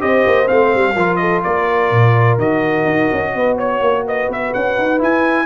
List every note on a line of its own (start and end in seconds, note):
0.00 0.26 C4
0.00 0.46 G4
0.00 0.95 C5
0.00 0.48 D#5
0.26 0.50 A#3
0.46 0.75 A3
0.46 0.94 C4
0.46 1.16 F5
0.75 0.95 G3
0.95 1.43 F3
0.95 2.40 F4
0.95 1.19 A#4
1.16 1.43 A4
1.16 1.40 D#5
1.43 1.91 A#3
1.43 3.34 A#4
1.43 2.39 D5
1.91 2.38 A#2
2.38 2.86 D#3
2.38 4.98 F#4
2.38 3.58 D#5
2.86 3.09 D#4
3.12 3.35 C#4
3.35 3.80 B3
3.35 3.56 B4
3.56 4.04 C#5
3.56 4.06 C#5
3.80 4.28 A#3
4.06 5.46 B4
4.06 4.32 D#5
4.29 4.53 B3
4.29 4.54 E5
4.54 4.78 C#4
4.54 5.01 F#5
4.78 5.01 D#4
4.98 5.46 E4
4.98 5.46 G#5